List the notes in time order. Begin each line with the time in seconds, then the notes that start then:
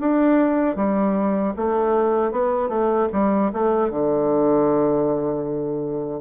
0.00 D4
0.76 G3
1.56 A3
2.32 B3
2.69 A3
3.12 G3
3.53 A3
3.90 D3